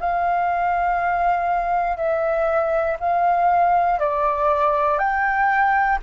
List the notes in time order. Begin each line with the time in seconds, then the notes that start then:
0.00 F5
1.97 E5
3.00 F5
4.00 D5
4.99 G5